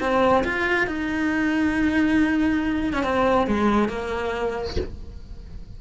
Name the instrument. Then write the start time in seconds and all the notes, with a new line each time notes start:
cello
0.00 C4
0.44 F4
0.87 D#4
2.93 C#4
3.03 C4
3.47 G#3
3.89 A#3